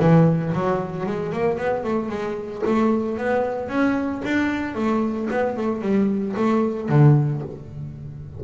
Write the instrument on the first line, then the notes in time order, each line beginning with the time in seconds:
double bass
0.00 E3
0.53 F#3
1.06 G#3
1.33 A#3
1.58 B3
1.84 A3
2.09 G#3
2.66 A3
3.18 B3
3.69 C#4
4.25 D4
4.75 A3
5.31 B3
5.57 A3
5.82 G3
6.37 A3
6.89 D3